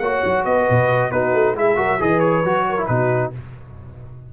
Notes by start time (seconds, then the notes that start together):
0.00 A#3 F#4 C#5 F#5
0.25 F#3
0.45 B3 B4 D#5
0.70 B2
1.11 B3 D#4 F#4 B4
1.34 A3
1.55 G#3 E4 G#4 E5
1.76 F#3 F#4 A#4
2.00 E3 G#4 B4 D#5
2.20 C#5
2.45 F#3 F#4
2.70 A#4
2.78 E4
2.87 B2 D#4 F#4 B4